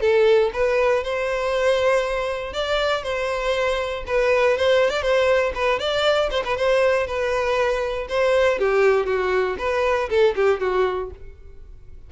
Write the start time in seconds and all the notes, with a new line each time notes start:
0.00 A4
0.53 B4
1.03 C5
2.53 D5
3.03 C5
4.06 B4
4.57 C5
4.90 D5
5.01 C5
5.54 B4
5.79 D5
6.30 C5
6.44 B4
6.57 C5
7.07 B4
8.08 C5
8.58 G4
9.05 F#4
9.58 B4
10.09 A4
10.35 G4
10.60 F#4